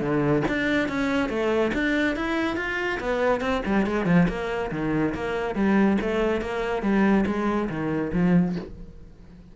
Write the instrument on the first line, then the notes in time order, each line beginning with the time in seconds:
cello
0.00 D3
0.48 D4
0.88 C#4
1.29 A3
1.73 D4
2.16 E4
2.56 F4
3.00 B3
3.40 C4
3.65 G3
3.86 G#3
4.05 F3
4.28 A#3
4.71 D#3
5.14 A#3
5.55 G3
6.01 A3
6.41 A#3
6.82 G3
7.26 G#3
7.69 D#3
8.13 F3